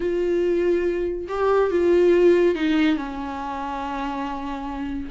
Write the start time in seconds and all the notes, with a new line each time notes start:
0.00 F4
1.28 G4
1.71 F4
2.55 D#4
2.97 C#4